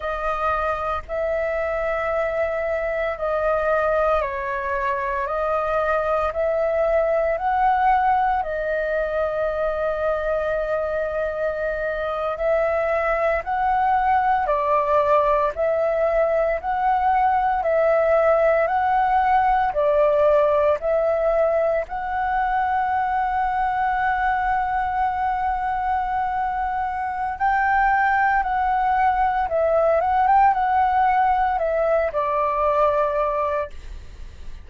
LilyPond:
\new Staff \with { instrumentName = "flute" } { \time 4/4 \tempo 4 = 57 dis''4 e''2 dis''4 | cis''4 dis''4 e''4 fis''4 | dis''2.~ dis''8. e''16~ | e''8. fis''4 d''4 e''4 fis''16~ |
fis''8. e''4 fis''4 d''4 e''16~ | e''8. fis''2.~ fis''16~ | fis''2 g''4 fis''4 | e''8 fis''16 g''16 fis''4 e''8 d''4. | }